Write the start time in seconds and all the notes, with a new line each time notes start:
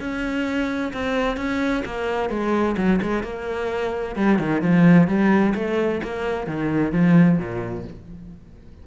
0.00 C#4
0.93 C4
1.37 C#4
1.85 A#3
2.30 G#3
2.77 F#3
3.02 G#3
3.23 A#3
4.16 G3
4.39 D#3
4.62 F3
5.07 G3
5.55 A3
6.03 A#3
6.47 D#3
6.92 F3
7.38 A#2